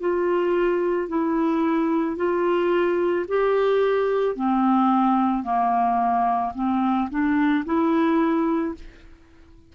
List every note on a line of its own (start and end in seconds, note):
0.00 1.08 F4
1.08 2.16 E4
2.16 3.25 F4
3.28 4.35 G4
4.35 5.43 C4
5.43 6.52 A#3
6.55 7.09 C4
7.10 7.64 D4
7.65 8.74 E4